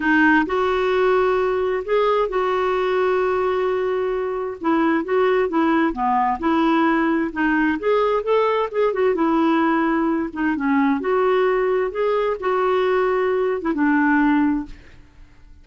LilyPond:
\new Staff \with { instrumentName = "clarinet" } { \time 4/4 \tempo 4 = 131 dis'4 fis'2. | gis'4 fis'2.~ | fis'2 e'4 fis'4 | e'4 b4 e'2 |
dis'4 gis'4 a'4 gis'8 fis'8 | e'2~ e'8 dis'8 cis'4 | fis'2 gis'4 fis'4~ | fis'4.~ fis'16 e'16 d'2 | }